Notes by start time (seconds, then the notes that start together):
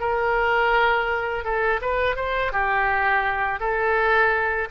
0.00 A#4
1.44 A4
1.81 B4
2.16 C5
2.52 G4
3.60 A4